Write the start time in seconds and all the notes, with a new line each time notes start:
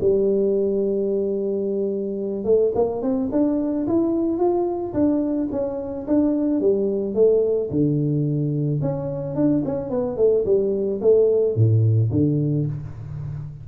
0.00 G3
2.44 A3
2.75 A#3
3.02 C4
3.31 D4
3.87 E4
4.38 F4
4.93 D4
5.51 C#4
6.07 D4
6.60 G3
7.14 A3
7.70 D3
8.81 C#4
9.35 D4
9.65 C#4
9.90 B3
10.17 A3
10.45 G3
11.01 A3
11.55 A2
12.11 D3